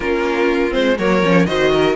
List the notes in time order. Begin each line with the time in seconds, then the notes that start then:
0.00 A#3 C#4 F4 A#4
0.70 G#3 C4 C5
0.98 F#3 A#3 A#4 C#5
1.22 F3 C#4
1.46 D#3 F#4 C5 D#5
1.73 A#4